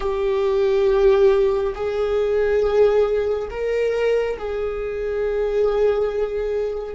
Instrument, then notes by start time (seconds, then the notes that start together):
viola
0.00 G4
1.74 G#4
3.50 A#4
4.38 G#4